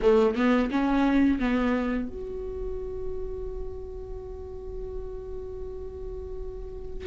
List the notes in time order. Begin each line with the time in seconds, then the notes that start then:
0.02 A3
0.35 B3
0.71 C#4
1.39 B3
2.08 F#4